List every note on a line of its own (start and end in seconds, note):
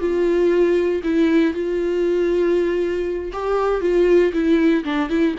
0.00 1.02 F4
1.03 1.53 E4
1.53 3.31 F4
3.32 3.81 G4
3.81 4.32 F4
4.33 4.84 E4
4.84 5.09 D4
5.09 5.35 E4